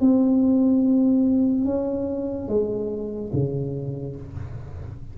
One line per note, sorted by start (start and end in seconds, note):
0.00 1.65 C4
1.65 2.48 C#4
2.48 3.31 G#3
3.33 4.16 C#3